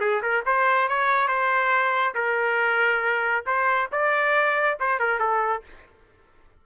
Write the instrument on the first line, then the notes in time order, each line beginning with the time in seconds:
trumpet
0.00 G#4
0.22 A#4
0.46 C5
0.88 C#5
1.28 C5
2.14 A#4
3.46 C5
3.92 D5
4.79 C5
4.99 A#4
5.19 A4